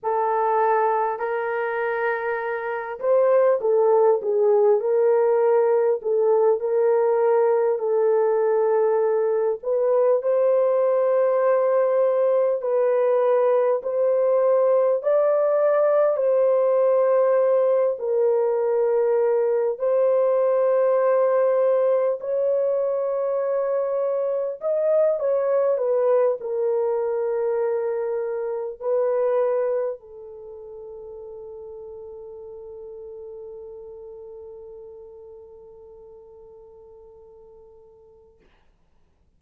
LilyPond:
\new Staff \with { instrumentName = "horn" } { \time 4/4 \tempo 4 = 50 a'4 ais'4. c''8 a'8 gis'8 | ais'4 a'8 ais'4 a'4. | b'8 c''2 b'4 c''8~ | c''8 d''4 c''4. ais'4~ |
ais'8 c''2 cis''4.~ | cis''8 dis''8 cis''8 b'8 ais'2 | b'4 a'2.~ | a'1 | }